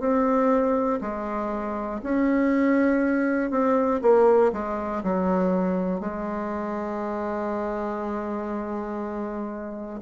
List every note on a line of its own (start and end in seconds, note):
0.00 1.00 C4
1.02 2.02 G#3
2.04 3.51 C#4
3.51 4.01 C4
4.02 4.52 A#3
4.53 5.03 G#3
5.04 6.00 F#3
6.00 10.00 G#3